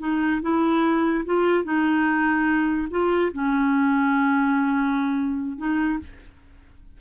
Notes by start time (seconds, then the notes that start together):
0.00 D#4
0.42 E4
1.25 F4
1.64 D#4
2.91 F4
3.33 C#4
5.58 D#4